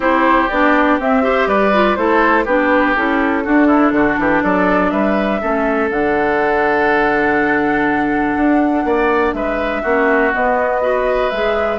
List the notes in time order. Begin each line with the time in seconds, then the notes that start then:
0.00 C4 E4 G4 C5
0.49 B3 D4 D5
0.99 C4 E5
1.22 G4 C5
1.47 G3 B4 D5
1.72 F4
1.95 A3 E4 A4 C5
2.44 B3 D4 G4 B4
2.95 C#4 E4 A4
3.44 D4 F#4
3.66 E4
3.92 D3 F#4
4.18 E3 G4
4.42 F#3 A4 D5
4.90 G3 B4 E5
5.41 A3 C#4 A4
5.90 D3 D4 F#5
8.37 D4
8.84 A#3 D5
9.33 G#3 B4 E5
9.82 A#3 C#4 F#4
10.32 B3 D#5
10.81 F#4 B4
11.30 G#3 G#4 E5